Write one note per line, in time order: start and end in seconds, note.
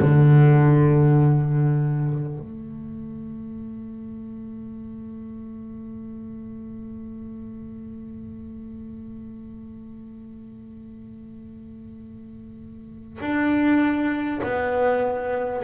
0.00 2.38 D3
2.38 13.18 A3
13.20 14.40 D4
14.43 15.63 B3